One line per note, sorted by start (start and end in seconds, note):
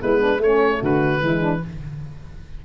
0.00 0.39 G#3
0.00 0.40 B3
0.00 0.20 E4
0.00 0.42 B4
0.20 0.40 D4
0.39 0.80 A3
0.39 1.21 A3
0.39 0.81 C#4
0.39 0.84 C#5
0.81 1.22 D3
0.81 1.21 F#4
0.81 1.65 B4
1.21 1.62 E3
1.21 1.61 G#3
1.21 1.41 E4
1.41 1.61 D4